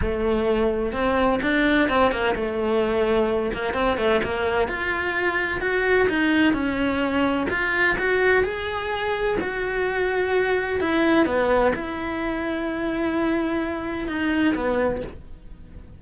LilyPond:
\new Staff \with { instrumentName = "cello" } { \time 4/4 \tempo 4 = 128 a2 c'4 d'4 | c'8 ais8 a2~ a8 ais8 | c'8 a8 ais4 f'2 | fis'4 dis'4 cis'2 |
f'4 fis'4 gis'2 | fis'2. e'4 | b4 e'2.~ | e'2 dis'4 b4 | }